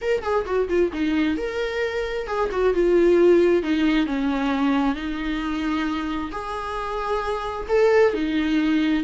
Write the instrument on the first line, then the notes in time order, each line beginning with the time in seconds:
viola
0.01 A#4
0.22 G#4
0.45 F#4
0.68 F4
0.92 D#4
1.37 A#4
2.27 G#4
2.51 F#4
2.74 F4
3.63 D#4
4.06 C#4
4.95 D#4
6.31 G#4
7.68 A4
8.13 D#4